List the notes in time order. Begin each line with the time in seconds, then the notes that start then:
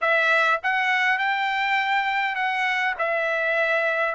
0.01 E5
0.63 F#5
1.18 G5
2.35 F#5
2.98 E5